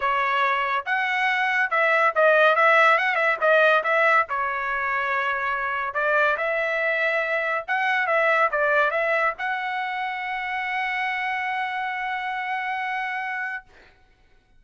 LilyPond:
\new Staff \with { instrumentName = "trumpet" } { \time 4/4 \tempo 4 = 141 cis''2 fis''2 | e''4 dis''4 e''4 fis''8 e''8 | dis''4 e''4 cis''2~ | cis''2 d''4 e''4~ |
e''2 fis''4 e''4 | d''4 e''4 fis''2~ | fis''1~ | fis''1 | }